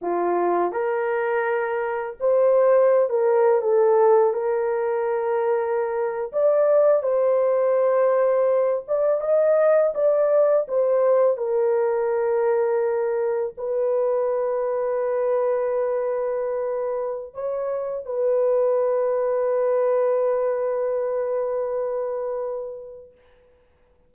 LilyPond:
\new Staff \with { instrumentName = "horn" } { \time 4/4 \tempo 4 = 83 f'4 ais'2 c''4~ | c''16 ais'8. a'4 ais'2~ | ais'8. d''4 c''2~ c''16~ | c''16 d''8 dis''4 d''4 c''4 ais'16~ |
ais'2~ ais'8. b'4~ b'16~ | b'1 | cis''4 b'2.~ | b'1 | }